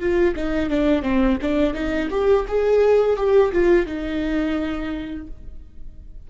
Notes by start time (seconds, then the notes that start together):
0.00 F4
0.36 D#4
0.70 D4
1.03 C4
1.42 D4
1.74 D#4
2.11 G4
2.48 G#4
3.17 G4
3.53 F4
3.86 D#4